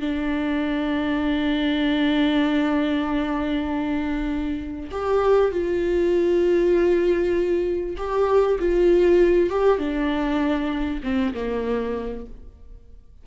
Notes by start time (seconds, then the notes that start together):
0.00 D4
4.91 G4
5.52 F4
7.97 G4
8.59 F4
9.50 G4
9.78 D4
11.03 C4
11.34 A#3